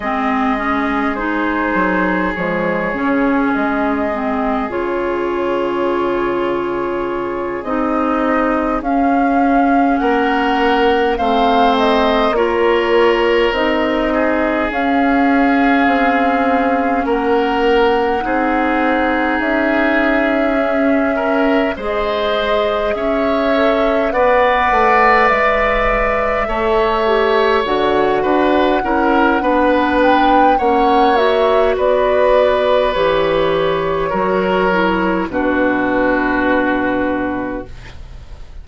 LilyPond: <<
  \new Staff \with { instrumentName = "flute" } { \time 4/4 \tempo 4 = 51 dis''4 c''4 cis''4 dis''4 | cis''2~ cis''8 dis''4 f''8~ | f''8 fis''4 f''8 dis''8 cis''4 dis''8~ | dis''8 f''2 fis''4.~ |
fis''8 e''2 dis''4 e''8~ | e''8 fis''4 e''2 fis''8~ | fis''4. g''8 fis''8 e''8 d''4 | cis''2 b'2 | }
  \new Staff \with { instrumentName = "oboe" } { \time 4/4 gis'1~ | gis'1~ | gis'8 ais'4 c''4 ais'4. | gis'2~ gis'8 ais'4 gis'8~ |
gis'2 ais'8 c''4 cis''8~ | cis''8 d''2 cis''4. | b'8 ais'8 b'4 cis''4 b'4~ | b'4 ais'4 fis'2 | }
  \new Staff \with { instrumentName = "clarinet" } { \time 4/4 c'8 cis'8 dis'4 gis8 cis'4 c'8 | f'2~ f'8 dis'4 cis'8~ | cis'4. c'4 f'4 dis'8~ | dis'8 cis'2. dis'8~ |
dis'4. cis'4 gis'4. | a'8 b'2 a'8 g'8 fis'8~ | fis'8 e'8 d'4 cis'8 fis'4. | g'4 fis'8 e'8 d'2 | }
  \new Staff \with { instrumentName = "bassoon" } { \time 4/4 gis4. fis8 f8 cis8 gis4 | cis2~ cis8 c'4 cis'8~ | cis'8 ais4 a4 ais4 c'8~ | c'8 cis'4 c'4 ais4 c'8~ |
c'8 cis'2 gis4 cis'8~ | cis'8 b8 a8 gis4 a4 d8 | d'8 cis'8 b4 ais4 b4 | e4 fis4 b,2 | }
>>